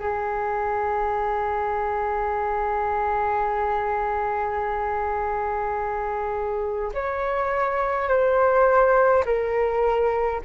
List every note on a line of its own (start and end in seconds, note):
0.00 6.92 G#4
6.94 8.09 C#5
8.09 9.24 C5
9.26 10.41 A#4